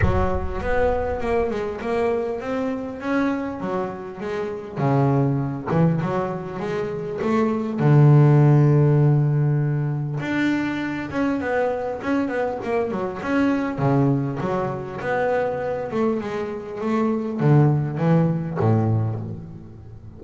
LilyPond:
\new Staff \with { instrumentName = "double bass" } { \time 4/4 \tempo 4 = 100 fis4 b4 ais8 gis8 ais4 | c'4 cis'4 fis4 gis4 | cis4. e8 fis4 gis4 | a4 d2.~ |
d4 d'4. cis'8 b4 | cis'8 b8 ais8 fis8 cis'4 cis4 | fis4 b4. a8 gis4 | a4 d4 e4 a,4 | }